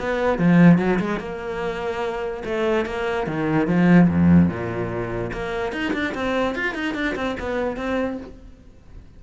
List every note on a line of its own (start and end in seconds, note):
0.00 0.39 B3
0.39 0.79 F3
0.79 0.99 F#3
1.00 1.20 G#3
1.20 2.43 A#3
2.45 2.86 A3
2.86 3.27 A#3
3.27 3.68 D#3
3.68 4.09 F3
4.09 4.50 F2
4.50 5.32 A#2
5.33 5.73 A#3
5.73 5.93 D#4
5.93 6.14 D4
6.15 6.55 C4
6.55 6.75 F4
6.75 6.95 D#4
6.95 7.15 D4
7.16 7.37 C4
7.40 7.77 B3
7.77 8.18 C4